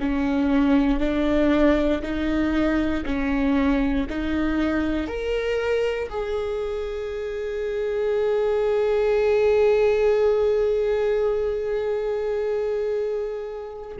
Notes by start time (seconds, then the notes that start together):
0.00 C#4
1.00 D4
2.02 D#4
3.06 C#4
4.10 D#4
5.08 A#4
6.09 G#4